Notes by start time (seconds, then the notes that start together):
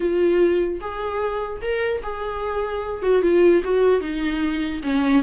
0.00 F4
0.80 G#4
1.61 A#4
2.03 G#4
3.02 F#4
3.22 F4
3.64 F#4
4.00 D#4
4.83 C#4